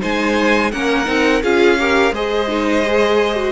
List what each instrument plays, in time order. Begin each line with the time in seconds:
0.00 cello G#3, viola D#4, violin C5 G#5
0.72 cello A#3, viola C#4, violin A#4 F#5
1.05 cello C4, viola D#4
1.43 cello C#4, viola F4, violin G#4 F5
1.79 viola G4, violin A#4
2.12 cello G#3, viola G#4, violin C5 D#5
2.48 viola D#4
2.85 viola G#4
3.36 viola F#4